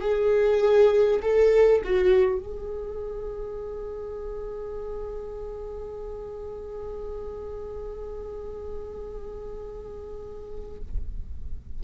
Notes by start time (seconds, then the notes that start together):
0.00 G#4
1.22 A4
1.84 F#4
2.39 G#4